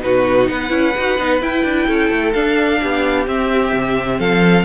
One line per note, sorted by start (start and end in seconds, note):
0.00 0.48 B2
0.00 0.69 D#4
0.00 0.50 F#4
0.00 0.48 B4
0.48 0.70 B3
0.48 1.87 B4
0.48 1.41 F#5
0.69 0.94 C#4
0.69 0.92 E4
0.97 1.19 D#4
0.97 1.18 F#4
1.18 1.42 B3
1.18 1.41 D#4
1.41 2.34 E4
1.41 1.64 E4
1.41 2.33 G5
1.64 1.87 D4
1.87 2.11 C#4
1.87 2.80 A4
2.11 2.34 A3
2.33 2.81 D4
2.33 3.27 D4
2.33 3.26 F5
2.81 3.27 B3
2.81 4.19 G4
3.27 4.65 C4
3.27 3.73 C4
3.27 4.20 E5
3.73 4.19 C3
4.19 4.65 F3
4.19 4.65 A4
4.19 4.65 F5